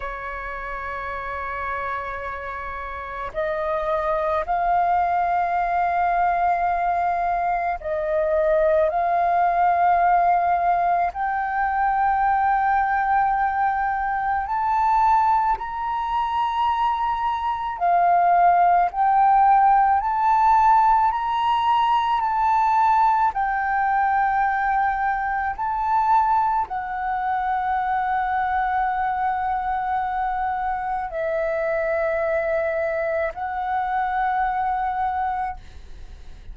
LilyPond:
\new Staff \with { instrumentName = "flute" } { \time 4/4 \tempo 4 = 54 cis''2. dis''4 | f''2. dis''4 | f''2 g''2~ | g''4 a''4 ais''2 |
f''4 g''4 a''4 ais''4 | a''4 g''2 a''4 | fis''1 | e''2 fis''2 | }